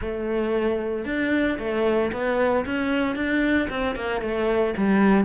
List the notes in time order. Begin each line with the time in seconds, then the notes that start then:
0.01 A3
1.05 D4
1.59 A3
2.12 B3
2.65 C#4
3.15 D4
3.69 C4
3.95 A#3
4.21 A3
4.77 G3